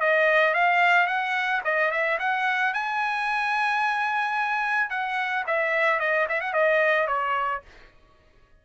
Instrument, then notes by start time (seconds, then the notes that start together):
trumpet
0.00 D#5
0.54 F5
1.07 F#5
1.64 D#5
1.91 E5
2.19 F#5
2.73 G#5
4.90 F#5
5.46 E5
5.99 D#5
6.29 E5
6.41 F#5
6.53 D#5
7.07 C#5